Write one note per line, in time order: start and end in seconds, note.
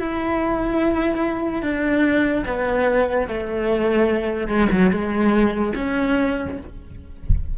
0.00 1.63 E4
1.63 2.45 D4
2.47 3.28 B3
3.28 4.48 A3
4.48 4.68 G#3
4.72 4.92 F#3
4.92 5.74 G#3
5.76 6.58 C#4